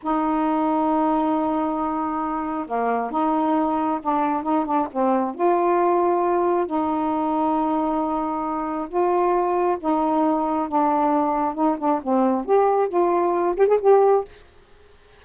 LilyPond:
\new Staff \with { instrumentName = "saxophone" } { \time 4/4 \tempo 4 = 135 dis'1~ | dis'2 ais4 dis'4~ | dis'4 d'4 dis'8 d'8 c'4 | f'2. dis'4~ |
dis'1 | f'2 dis'2 | d'2 dis'8 d'8 c'4 | g'4 f'4. g'16 gis'16 g'4 | }